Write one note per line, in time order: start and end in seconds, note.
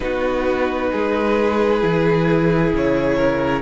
0.00 0.91 B3
0.00 1.80 D#4
0.00 0.91 F#4
0.00 2.71 B4
0.91 1.83 G#3
0.91 3.16 G#4
1.80 2.73 E3
1.80 3.62 E4
2.73 3.62 C#3
2.73 3.62 C#5
3.16 3.62 A#4